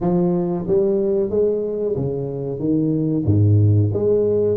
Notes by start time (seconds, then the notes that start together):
0.01 F3
0.67 G3
1.30 G#3
1.96 C#3
2.59 D#3
3.25 G#2
3.93 G#3